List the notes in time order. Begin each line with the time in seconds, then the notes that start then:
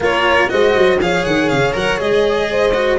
0.00 A#3 F4 A#4 C#5
0.49 G#3 F#4 C5 D#5
0.76 F#3
1.00 F3 G#4 C#5 F5
1.24 D#3 F#5
1.48 C#3 F5
1.73 F#3 A#4 F#5
1.96 G#3 G#4 D#5
2.50 C5
2.73 F#4